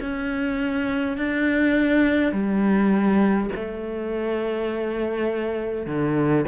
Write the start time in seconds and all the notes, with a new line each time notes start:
0.00 C#4
1.17 D4
2.32 G3
3.55 A3
5.86 D3